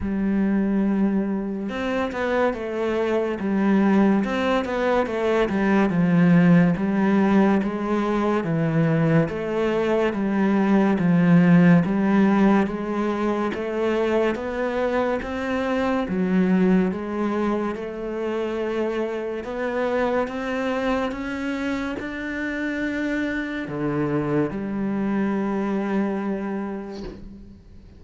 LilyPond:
\new Staff \with { instrumentName = "cello" } { \time 4/4 \tempo 4 = 71 g2 c'8 b8 a4 | g4 c'8 b8 a8 g8 f4 | g4 gis4 e4 a4 | g4 f4 g4 gis4 |
a4 b4 c'4 fis4 | gis4 a2 b4 | c'4 cis'4 d'2 | d4 g2. | }